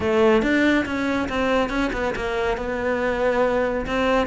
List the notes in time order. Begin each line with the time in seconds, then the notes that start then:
0.00 A3
0.42 D4
0.85 C#4
1.28 C4
1.69 C#4
1.92 B3
2.15 A#3
2.57 B3
3.86 C4